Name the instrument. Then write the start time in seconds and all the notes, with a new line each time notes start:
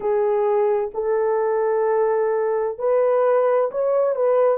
horn
0.00 G#4
0.94 A4
2.78 B4
3.71 C#5
4.15 B4